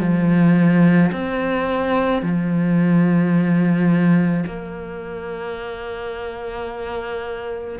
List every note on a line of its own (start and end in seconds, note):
0.00 1.11 F3
1.12 2.22 C4
2.22 4.44 F3
4.46 7.79 A#3